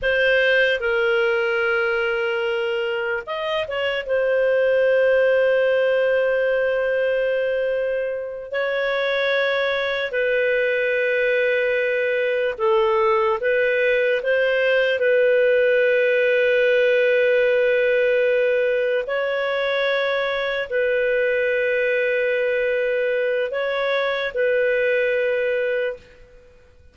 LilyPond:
\new Staff \with { instrumentName = "clarinet" } { \time 4/4 \tempo 4 = 74 c''4 ais'2. | dis''8 cis''8 c''2.~ | c''2~ c''8 cis''4.~ | cis''8 b'2. a'8~ |
a'8 b'4 c''4 b'4.~ | b'2.~ b'8 cis''8~ | cis''4. b'2~ b'8~ | b'4 cis''4 b'2 | }